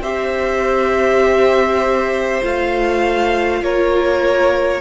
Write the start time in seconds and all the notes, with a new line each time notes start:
0.00 C4 G4 C5 E5
2.42 A3 F4 F5
3.61 A#3 A#4 C#5